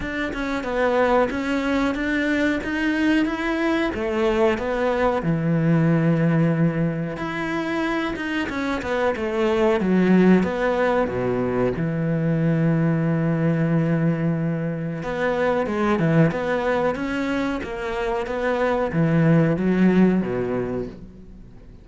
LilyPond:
\new Staff \with { instrumentName = "cello" } { \time 4/4 \tempo 4 = 92 d'8 cis'8 b4 cis'4 d'4 | dis'4 e'4 a4 b4 | e2. e'4~ | e'8 dis'8 cis'8 b8 a4 fis4 |
b4 b,4 e2~ | e2. b4 | gis8 e8 b4 cis'4 ais4 | b4 e4 fis4 b,4 | }